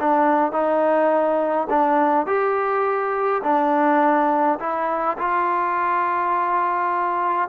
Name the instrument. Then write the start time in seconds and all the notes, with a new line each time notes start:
trombone
0.00 D4
0.52 D#4
1.69 D4
2.27 G4
3.43 D4
4.60 E4
5.18 F4